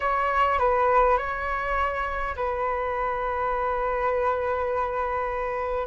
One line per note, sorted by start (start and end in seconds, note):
0.00 0.59 C#5
0.59 1.17 B4
1.17 2.35 C#5
2.35 5.87 B4